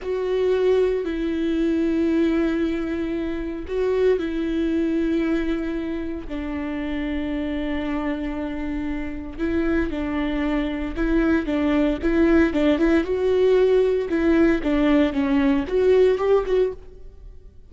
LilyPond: \new Staff \with { instrumentName = "viola" } { \time 4/4 \tempo 4 = 115 fis'2 e'2~ | e'2. fis'4 | e'1 | d'1~ |
d'2 e'4 d'4~ | d'4 e'4 d'4 e'4 | d'8 e'8 fis'2 e'4 | d'4 cis'4 fis'4 g'8 fis'8 | }